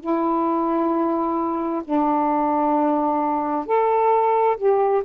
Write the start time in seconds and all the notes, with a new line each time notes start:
0.00 E4
1.84 D4
3.65 A4
4.57 G4